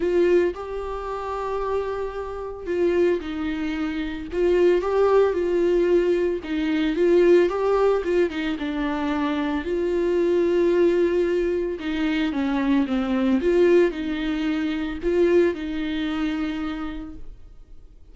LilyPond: \new Staff \with { instrumentName = "viola" } { \time 4/4 \tempo 4 = 112 f'4 g'2.~ | g'4 f'4 dis'2 | f'4 g'4 f'2 | dis'4 f'4 g'4 f'8 dis'8 |
d'2 f'2~ | f'2 dis'4 cis'4 | c'4 f'4 dis'2 | f'4 dis'2. | }